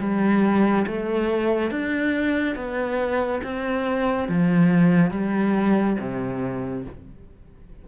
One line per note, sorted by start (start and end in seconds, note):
0.00 0.86 G3
0.87 1.71 A3
1.71 2.56 D4
2.56 3.42 B3
3.44 4.29 C4
4.29 5.12 F3
5.12 5.97 G3
6.00 6.85 C3